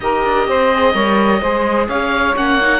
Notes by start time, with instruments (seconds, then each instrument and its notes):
0.00 cello D#4, viola G4, saxophone A#4, oboe D#5
0.24 cello D4
0.47 cello C4, saxophone C5
0.74 viola G#4
0.93 cello G3, viola A#4, saxophone C#5
1.40 cello G#3, viola G#4, saxophone C5
1.87 cello C#4, saxophone C#5, oboe F5
2.36 cello A#3, viola C#4, oboe F#5
2.60 viola D#4